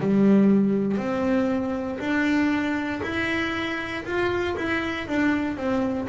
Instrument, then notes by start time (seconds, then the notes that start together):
double bass
0.00 G3
0.97 C4
1.99 D4
3.03 E4
4.04 F4
4.57 E4
5.08 D4
5.57 C4